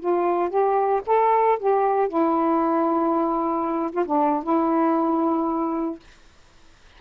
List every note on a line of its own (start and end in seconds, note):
0.00 0.50 F4
0.50 1.02 G4
1.06 1.59 A4
1.59 2.09 G4
2.09 3.91 E4
3.92 4.05 F4
4.06 4.43 D4
4.43 6.00 E4